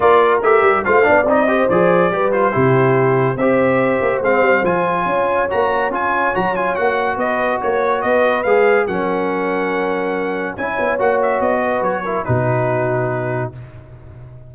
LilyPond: <<
  \new Staff \with { instrumentName = "trumpet" } { \time 4/4 \tempo 4 = 142 d''4 e''4 f''4 dis''4 | d''4. c''2~ c''8 | e''2 f''4 gis''4~ | gis''4 ais''4 gis''4 ais''8 gis''8 |
fis''4 dis''4 cis''4 dis''4 | f''4 fis''2.~ | fis''4 gis''4 fis''8 e''8 dis''4 | cis''4 b'2. | }
  \new Staff \with { instrumentName = "horn" } { \time 4/4 ais'2 c''8 d''4 c''8~ | c''4 b'4 g'2 | c''1 | cis''1~ |
cis''4 b'4 cis''4 b'4~ | b'4 ais'2.~ | ais'4 cis''2~ cis''8 b'8~ | b'8 ais'8 fis'2. | }
  \new Staff \with { instrumentName = "trombone" } { \time 4/4 f'4 g'4 f'8 d'8 dis'8 g'8 | gis'4 g'8 f'8 e'2 | g'2 c'4 f'4~ | f'4 fis'4 f'4 fis'8 f'8 |
fis'1 | gis'4 cis'2.~ | cis'4 e'4 fis'2~ | fis'8 e'8 dis'2. | }
  \new Staff \with { instrumentName = "tuba" } { \time 4/4 ais4 a8 g8 a8 b8 c'4 | f4 g4 c2 | c'4. ais8 gis8 g8 f4 | cis'4 ais4 cis'4 fis4 |
ais4 b4 ais4 b4 | gis4 fis2.~ | fis4 cis'8 b8 ais4 b4 | fis4 b,2. | }
>>